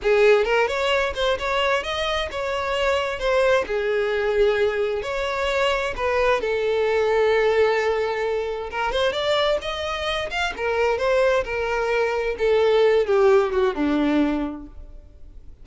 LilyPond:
\new Staff \with { instrumentName = "violin" } { \time 4/4 \tempo 4 = 131 gis'4 ais'8 cis''4 c''8 cis''4 | dis''4 cis''2 c''4 | gis'2. cis''4~ | cis''4 b'4 a'2~ |
a'2. ais'8 c''8 | d''4 dis''4. f''8 ais'4 | c''4 ais'2 a'4~ | a'8 g'4 fis'8 d'2 | }